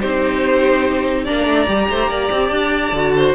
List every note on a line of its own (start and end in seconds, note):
0.00 1.28 C4
0.00 1.26 D#4
0.00 1.24 G4
0.00 1.26 C5
1.24 1.46 A#3
1.24 1.67 D4
1.24 1.87 D5
1.24 2.48 A#5
1.46 1.67 A3
1.67 1.89 G3
1.67 2.93 G4
1.89 2.08 A3
1.89 2.09 C5
2.08 2.29 A#3
2.08 3.14 D5
2.31 2.51 C4
2.48 2.92 D4
2.48 3.32 A5
2.92 3.34 D3
2.92 3.35 F#4
3.17 3.35 C5